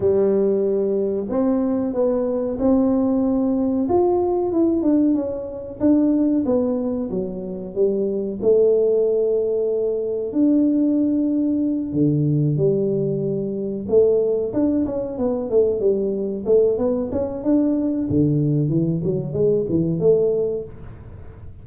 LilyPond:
\new Staff \with { instrumentName = "tuba" } { \time 4/4 \tempo 4 = 93 g2 c'4 b4 | c'2 f'4 e'8 d'8 | cis'4 d'4 b4 fis4 | g4 a2. |
d'2~ d'8 d4 g8~ | g4. a4 d'8 cis'8 b8 | a8 g4 a8 b8 cis'8 d'4 | d4 e8 fis8 gis8 e8 a4 | }